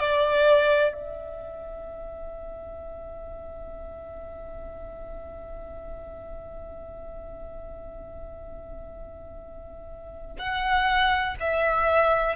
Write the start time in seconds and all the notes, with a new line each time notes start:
0.00 D5
0.94 E5
10.39 F#5
11.41 E5